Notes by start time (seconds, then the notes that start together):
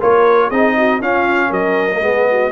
0.00 A#3 F4 A#4 C#5
0.48 C4 D#4 G#4 D#5
0.77 F#4
1.00 C#4 F4 F5
1.49 F#3 A#4 D#5
1.91 A#3
2.01 G#3 B3 G#4
2.31 F#4